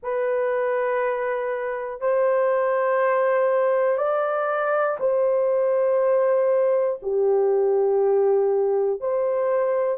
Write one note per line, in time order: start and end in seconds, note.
0.03 2.00 B4
2.00 3.97 C5
3.97 4.97 D5
5.00 7.00 C5
7.02 9.00 G4
9.00 9.98 C5